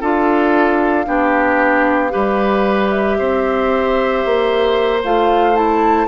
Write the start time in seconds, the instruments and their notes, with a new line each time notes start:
0.00 bassoon D4, clarinet F4, oboe A4, flute F5
1.05 bassoon B3, clarinet D4, oboe G4
2.10 bassoon G3, clarinet G4, oboe B4
2.90 flute E5
3.18 bassoon C4, oboe C5
4.25 bassoon A#3
5.04 bassoon A3, clarinet F4, flute F5
5.54 clarinet E4, flute A5